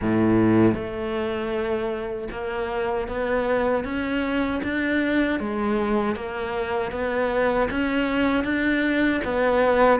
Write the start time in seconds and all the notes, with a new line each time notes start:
0.01 A2
0.74 A3
2.31 A#3
3.08 B3
3.84 C#4
4.63 D4
5.39 G#3
6.15 A#3
6.91 B3
7.70 C#4
8.44 D4
9.24 B3